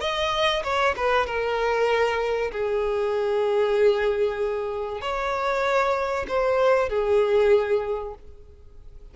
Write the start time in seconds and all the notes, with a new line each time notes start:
0.00 D#5
0.63 C#5
0.96 B4
1.26 A#4
2.51 G#4
5.01 C#5
6.28 C5
6.89 G#4